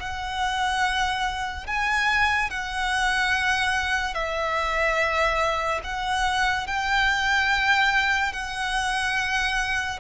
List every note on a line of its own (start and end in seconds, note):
0.00 1.67 F#5
1.67 2.50 G#5
2.50 4.14 F#5
4.14 5.81 E5
5.84 6.67 F#5
6.67 8.33 G5
8.33 10.00 F#5